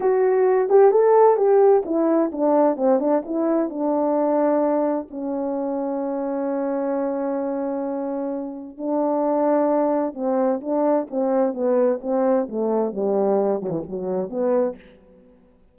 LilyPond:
\new Staff \with { instrumentName = "horn" } { \time 4/4 \tempo 4 = 130 fis'4. g'8 a'4 g'4 | e'4 d'4 c'8 d'8 e'4 | d'2. cis'4~ | cis'1~ |
cis'2. d'4~ | d'2 c'4 d'4 | c'4 b4 c'4 a4 | g4. fis16 e16 fis4 b4 | }